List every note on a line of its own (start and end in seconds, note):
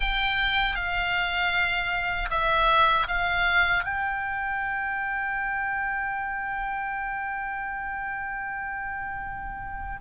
0.00 0.75 G5
0.75 2.29 F5
2.30 3.07 E5
3.07 3.84 F5
3.84 9.99 G5